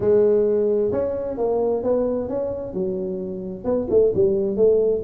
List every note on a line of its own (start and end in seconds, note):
0.00 0.91 G#3
0.91 1.37 C#4
1.37 1.83 A#3
1.83 2.28 B3
2.28 2.73 C#4
2.73 3.64 F#3
3.64 3.87 B3
3.90 4.12 A3
4.15 4.56 G3
4.56 5.02 A3